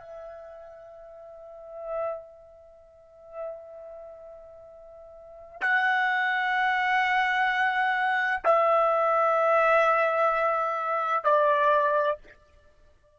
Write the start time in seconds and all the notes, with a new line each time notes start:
0.00 E5
5.62 F#5
8.45 E5
11.25 D5